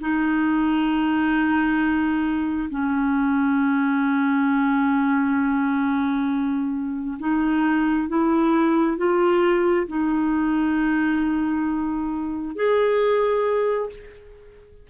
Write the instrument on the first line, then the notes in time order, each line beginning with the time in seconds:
clarinet
0.00 D#4
2.70 C#4
7.19 D#4
8.08 E4
8.97 F4
9.87 D#4
12.55 G#4